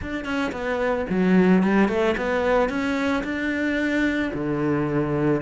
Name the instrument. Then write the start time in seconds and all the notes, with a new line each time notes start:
cello
0.01 D4
0.24 C#4
0.52 B3
1.09 F#3
1.63 G3
1.88 A3
2.17 B3
2.69 C#4
3.23 D4
4.34 D3